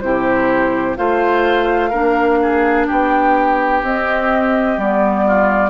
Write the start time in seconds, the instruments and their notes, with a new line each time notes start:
0.00 bassoon C3, clarinet E4, oboe G4, flute C5
0.96 bassoon A3, clarinet F4, oboe C5, flute F5
1.90 bassoon A#3, clarinet D4, oboe A#4
2.42 oboe G#4
2.87 bassoon B3, oboe G4, flute G5
3.82 bassoon C4, clarinet C4, flute D#5
4.77 bassoon G3, clarinet B3, flute D5
5.26 oboe F4